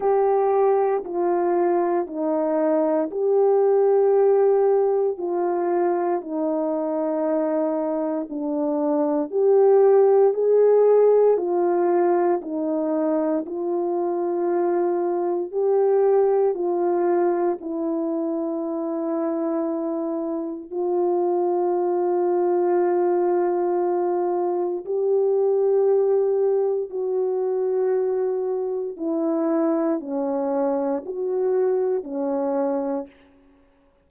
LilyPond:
\new Staff \with { instrumentName = "horn" } { \time 4/4 \tempo 4 = 58 g'4 f'4 dis'4 g'4~ | g'4 f'4 dis'2 | d'4 g'4 gis'4 f'4 | dis'4 f'2 g'4 |
f'4 e'2. | f'1 | g'2 fis'2 | e'4 cis'4 fis'4 cis'4 | }